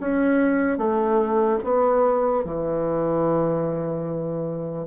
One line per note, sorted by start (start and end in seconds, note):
0.00 0.78 C#4
0.78 1.59 A3
1.64 2.44 B3
2.44 4.86 E3